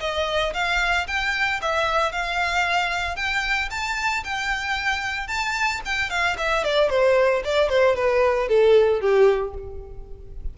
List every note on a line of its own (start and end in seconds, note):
0.00 0.53 D#5
0.54 1.07 F5
1.07 1.60 G5
1.62 2.12 E5
2.12 3.16 F5
3.16 3.69 G5
3.70 4.24 A5
4.24 5.28 G5
5.28 5.81 A5
5.85 6.10 G5
6.10 6.36 F5
6.38 6.64 E5
6.64 6.90 D5
6.90 7.43 C5
7.45 7.69 D5
7.69 7.95 C5
7.95 8.49 B4
8.49 9.01 A4
9.01 9.54 G4